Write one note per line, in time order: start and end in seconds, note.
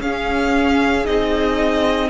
0.00 1.05 C#4
0.00 2.10 G#4
0.00 1.06 F5
1.05 2.10 C4
1.05 2.10 D#4
1.05 2.10 D#5